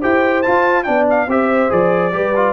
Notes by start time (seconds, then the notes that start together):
0.00 E4 G4 C5 G5
0.42 F4 A5
0.83 B3 D4 D5 G5
1.10 F5
1.27 C4 G4 C5 E5
1.69 F3 G#4 D5
2.12 G3 G4 B4
2.36 F4